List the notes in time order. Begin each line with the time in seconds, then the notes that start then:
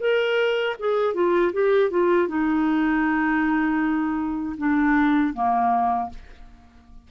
0.00 A#4
0.79 G#4
1.14 F4
1.53 G4
1.91 F4
2.28 D#4
4.58 D4
5.34 A#3